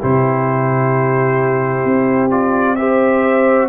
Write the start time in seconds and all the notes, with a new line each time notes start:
0.00 C3 E4 G4 C5
1.85 C4
2.30 F4 D5
2.75 G4 C5 E5